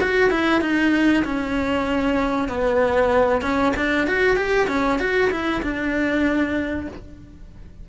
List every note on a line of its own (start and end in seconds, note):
0.00 0.30 F#4
0.30 0.61 E4
0.61 1.24 D#4
1.24 2.48 C#4
2.48 3.41 B3
3.41 3.72 C#4
3.76 4.07 D4
4.07 4.36 F#4
4.36 4.67 G4
4.67 4.99 C#4
4.99 5.30 F#4
5.30 5.62 E4
5.62 6.87 D4